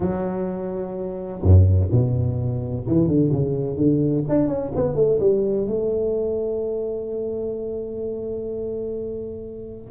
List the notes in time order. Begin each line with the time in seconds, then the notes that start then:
0.00 F#3
1.42 F#2
1.91 B2
2.86 E3
3.07 D3
3.32 C#3
3.76 D3
4.29 D4
4.47 C#4
4.75 B3
4.95 A3
5.20 G3
5.66 A3